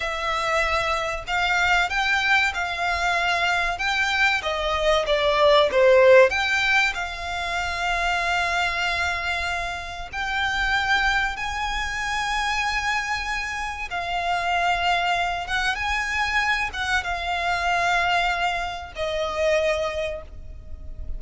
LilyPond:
\new Staff \with { instrumentName = "violin" } { \time 4/4 \tempo 4 = 95 e''2 f''4 g''4 | f''2 g''4 dis''4 | d''4 c''4 g''4 f''4~ | f''1 |
g''2 gis''2~ | gis''2 f''2~ | f''8 fis''8 gis''4. fis''8 f''4~ | f''2 dis''2 | }